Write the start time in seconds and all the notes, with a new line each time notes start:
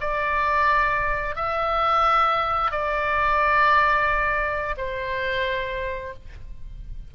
0.00 D5
1.35 E5
2.71 D5
4.77 C5